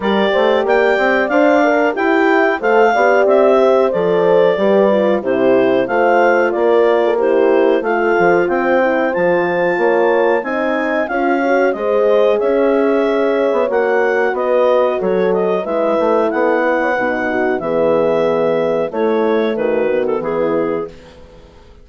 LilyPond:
<<
  \new Staff \with { instrumentName = "clarinet" } { \time 4/4 \tempo 4 = 92 d''4 g''4 f''4 g''4 | f''4 e''4 d''2 | c''4 f''4 d''4 c''4 | f''4 g''4 a''2 |
gis''4 f''4 dis''4 e''4~ | e''4 fis''4 dis''4 cis''8 dis''8 | e''4 fis''2 e''4~ | e''4 cis''4 b'8. a'16 gis'4 | }
  \new Staff \with { instrumentName = "horn" } { \time 4/4 ais'8 c''8 d''2 g'4 | c''8 d''4 c''4. b'4 | g'4 c''4 ais'8. a'16 g'4 | a'4 c''2 cis''4 |
dis''4 cis''4 c''4 cis''4~ | cis''2 b'4 a'4 | b'4 a'8 b'16 cis''16 b'8 fis'8 gis'4~ | gis'4 e'4 fis'4 e'4 | }
  \new Staff \with { instrumentName = "horn" } { \time 4/4 g'2 c''8 ais'8 e'4 | a'8 g'4. a'4 g'8 f'8 | e'4 f'2 e'4 | f'4. e'8 f'2 |
dis'4 f'8 fis'8 gis'2~ | gis'4 fis'2. | e'2 dis'4 b4~ | b4 a4. b4. | }
  \new Staff \with { instrumentName = "bassoon" } { \time 4/4 g8 a8 ais8 c'8 d'4 e'4 | a8 b8 c'4 f4 g4 | c4 a4 ais2 | a8 f8 c'4 f4 ais4 |
c'4 cis'4 gis4 cis'4~ | cis'8. b16 ais4 b4 fis4 | gis8 a8 b4 b,4 e4~ | e4 a4 dis4 e4 | }
>>